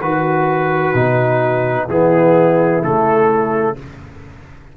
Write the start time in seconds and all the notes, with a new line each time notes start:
0.00 D#3 F#4 B4
0.94 B2 D#4
1.86 E3 B3 E4 G#4
2.82 C#3 A3 A4